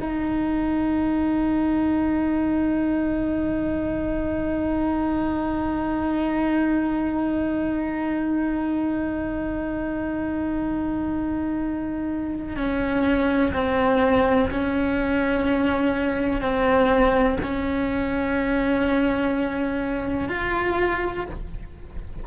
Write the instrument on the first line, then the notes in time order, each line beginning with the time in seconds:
cello
0.00 D#4
12.56 C#4
13.53 C4
14.50 C#4
16.41 C4
17.42 C#4
20.29 F4